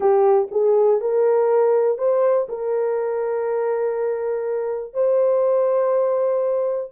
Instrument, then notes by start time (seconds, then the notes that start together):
horn
0.00 G4
0.51 G#4
1.00 A#4
1.97 C5
2.48 A#4
4.93 C5